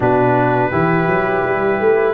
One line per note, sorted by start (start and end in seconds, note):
0.00 0.70 B2
0.00 0.71 D4
0.00 0.69 F#4
0.00 2.13 B4
0.69 1.07 E3
0.69 2.13 E4
0.69 2.13 G4
1.07 1.43 F#3
1.44 1.80 G3
1.80 2.13 A3